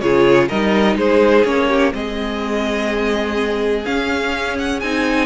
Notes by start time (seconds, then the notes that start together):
0.00 C#3 F4 G#4 C#5
0.48 G3 D#4 A#4 D#5
0.96 G#3 G#4 C5
1.44 A#3 C#4 C#5
1.68 G4
1.91 G#3 C4 G#4 D#5
3.85 C#4 F5
4.58 F#5
4.79 C4 D#4 G#5